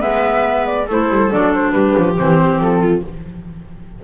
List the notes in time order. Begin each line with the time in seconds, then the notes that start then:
0.00 G#3 B3 B4 E5
0.66 D5
0.87 A3 E4 A4 C5
1.10 G3
1.30 F#3 D4 D5
1.55 C5
1.71 G3 G4 B4
1.98 F3
2.17 E3 C4 C5
2.60 F3 A4
2.81 F4